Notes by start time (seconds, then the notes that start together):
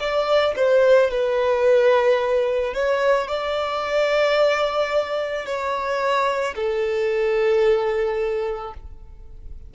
0.00 D5
0.57 C5
1.11 B4
2.74 C#5
3.28 D5
5.46 C#5
6.56 A4